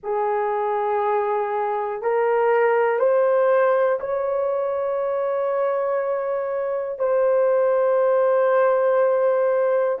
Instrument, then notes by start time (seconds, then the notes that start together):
horn
0.03 G#4
2.02 A#4
2.99 C5
4.00 C#5
6.99 C5